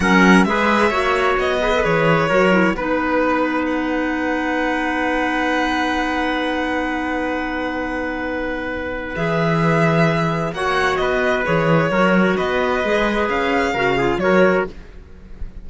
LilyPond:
<<
  \new Staff \with { instrumentName = "violin" } { \time 4/4 \tempo 4 = 131 fis''4 e''2 dis''4 | cis''2 b'2 | fis''1~ | fis''1~ |
fis''1 | e''2. fis''4 | dis''4 cis''2 dis''4~ | dis''4 f''2 cis''4 | }
  \new Staff \with { instrumentName = "trumpet" } { \time 4/4 ais'4 b'4 cis''4. b'8~ | b'4 ais'4 b'2~ | b'1~ | b'1~ |
b'1~ | b'2. cis''4 | b'2 ais'4 b'4~ | b'2 ais'8 gis'8 ais'4 | }
  \new Staff \with { instrumentName = "clarinet" } { \time 4/4 cis'4 gis'4 fis'4. gis'16 a'16 | gis'4 fis'8 e'8 dis'2~ | dis'1~ | dis'1~ |
dis'1 | gis'2. fis'4~ | fis'4 gis'4 fis'2 | gis'2 fis'8 f'8 fis'4 | }
  \new Staff \with { instrumentName = "cello" } { \time 4/4 fis4 gis4 ais4 b4 | e4 fis4 b2~ | b1~ | b1~ |
b1 | e2. ais4 | b4 e4 fis4 b4 | gis4 cis'4 cis4 fis4 | }
>>